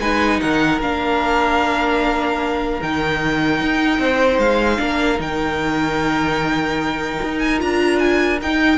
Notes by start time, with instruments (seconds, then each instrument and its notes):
0.00 cello G#3, viola D#4, violin B4 G#5
0.40 cello D#3, violin A#4 F#5
0.80 cello A#3, viola D4, violin F5
2.82 cello D#3, viola D#4, violin G5
3.61 cello D#4
3.99 cello C4, violin C5
4.38 cello G#3, violin F5
4.78 cello A#3, viola D4, violin A#4
5.17 cello D#3, viola D#4, violin G5
7.24 cello D#4
7.39 violin G#5
7.58 cello D4, viola F4, violin A#5
7.99 violin G#5
8.41 cello D#4, viola D#4, violin G5